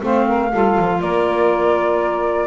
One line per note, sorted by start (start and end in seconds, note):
0.00 0.52 A3
0.00 0.49 C4
0.00 0.27 C5
0.00 1.01 F5
0.27 0.51 A#4
0.51 0.78 G3
0.51 2.47 F4
0.51 1.01 A4
0.79 1.01 F3
1.01 2.47 A#3
1.01 2.47 A#4
1.01 2.47 D5